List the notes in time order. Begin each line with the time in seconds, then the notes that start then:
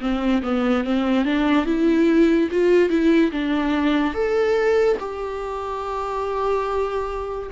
0.00 C4
0.42 B3
0.84 C4
1.25 D4
1.66 E4
2.51 F4
2.89 E4
3.31 D4
4.14 A4
4.99 G4